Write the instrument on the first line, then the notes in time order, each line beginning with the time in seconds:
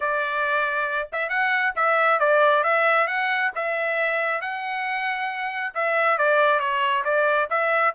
trumpet
0.00 D5
1.12 E5
1.29 F#5
1.75 E5
2.19 D5
2.63 E5
3.07 F#5
3.55 E5
4.41 F#5
5.74 E5
6.18 D5
6.59 C#5
7.04 D5
7.50 E5